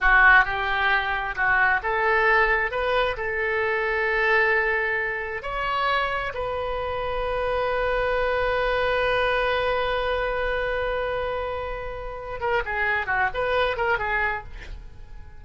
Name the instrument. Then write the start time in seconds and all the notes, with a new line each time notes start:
oboe
0.01 F#4
0.44 G4
1.35 F#4
1.82 A4
2.71 B4
3.16 A4
5.42 C#5
6.34 B4
12.40 A#4
12.65 G#4
13.06 F#4
13.34 B4
13.76 A#4
13.98 G#4